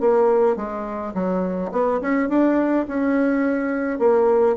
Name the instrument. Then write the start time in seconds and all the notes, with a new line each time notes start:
bassoon
0.00 A#3
0.56 G#3
1.14 F#3
1.72 B3
2.01 C#4
2.29 D4
2.88 C#4
3.99 A#3